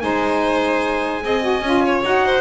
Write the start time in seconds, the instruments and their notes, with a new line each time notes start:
0.00 double bass G#3, saxophone D#4, violin C5, trumpet G#5
1.23 double bass C4, saxophone G#4, violin D#5
1.40 saxophone F#4
1.61 double bass C#4, saxophone F4
1.85 violin C#5
2.04 double bass D#4, saxophone F#4, trumpet F#5
2.26 violin C5